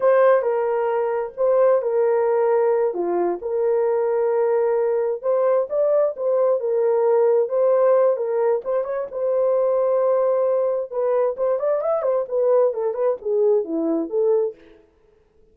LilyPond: \new Staff \with { instrumentName = "horn" } { \time 4/4 \tempo 4 = 132 c''4 ais'2 c''4 | ais'2~ ais'8 f'4 ais'8~ | ais'2.~ ais'8 c''8~ | c''8 d''4 c''4 ais'4.~ |
ais'8 c''4. ais'4 c''8 cis''8 | c''1 | b'4 c''8 d''8 e''8 c''8 b'4 | a'8 b'8 gis'4 e'4 a'4 | }